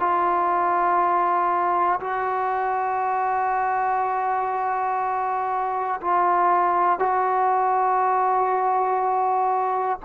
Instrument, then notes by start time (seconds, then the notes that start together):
trombone
0.00 F4
2.01 F#4
6.01 F4
7.00 F#4